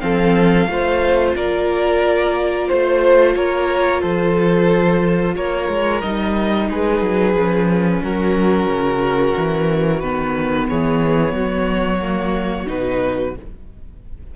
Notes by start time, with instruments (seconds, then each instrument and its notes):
0.00 cello F3, viola C4, violin A4 F5
0.68 cello A3, viola F4, violin C5
1.35 cello A#3, violin A#4 D5
2.67 cello A3, violin C5
3.35 cello A#3, violin A#4 C#5
4.01 cello F3, violin A4 C5
5.36 cello A#3, violin A#4 C#5
5.69 cello G#3
6.01 cello G3, viola D#4, violin D#5
6.69 cello G#3, violin G#4 B4
7.01 cello F#3
7.33 cello F3, viola C#4
8.02 cello F#3, violin F#4 A#4
8.67 cello C#3
9.37 cello E3
10.00 cello D#3, viola B3, violin B4
10.68 cello E3, violin G#4 C#5
11.32 cello F#3, violin F#4
12.01 viola A#3
12.66 cello B2, viola D#4, violin B4